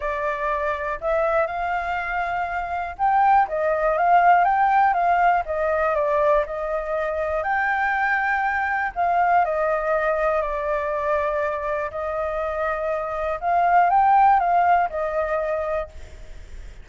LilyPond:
\new Staff \with { instrumentName = "flute" } { \time 4/4 \tempo 4 = 121 d''2 e''4 f''4~ | f''2 g''4 dis''4 | f''4 g''4 f''4 dis''4 | d''4 dis''2 g''4~ |
g''2 f''4 dis''4~ | dis''4 d''2. | dis''2. f''4 | g''4 f''4 dis''2 | }